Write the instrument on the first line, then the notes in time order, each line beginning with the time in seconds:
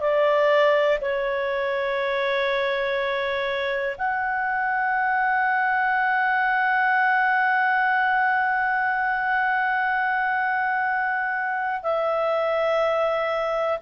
clarinet
0.00 D5
1.01 C#5
3.97 F#5
11.82 E5